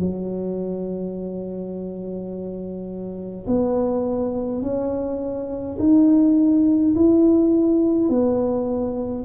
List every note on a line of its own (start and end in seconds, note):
0.00 3.46 F#3
3.47 4.63 B3
4.63 5.78 C#4
5.80 6.95 D#4
6.95 8.09 E4
8.09 9.25 B3